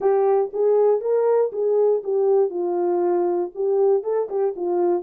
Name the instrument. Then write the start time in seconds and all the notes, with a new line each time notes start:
horn
0.00 G4
0.53 G#4
1.00 A#4
1.52 G#4
2.03 G4
2.50 F4
3.54 G4
4.03 A4
4.29 G4
4.56 F4